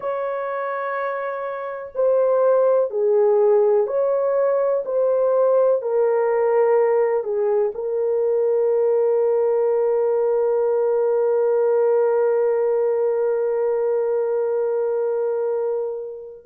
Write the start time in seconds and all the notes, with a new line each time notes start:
0.00 C#5
1.94 C5
2.90 G#4
3.87 C#5
4.85 C5
5.82 A#4
7.23 G#4
7.74 A#4